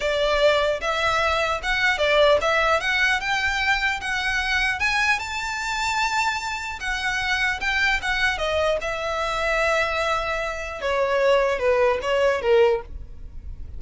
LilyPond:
\new Staff \with { instrumentName = "violin" } { \time 4/4 \tempo 4 = 150 d''2 e''2 | fis''4 d''4 e''4 fis''4 | g''2 fis''2 | gis''4 a''2.~ |
a''4 fis''2 g''4 | fis''4 dis''4 e''2~ | e''2. cis''4~ | cis''4 b'4 cis''4 ais'4 | }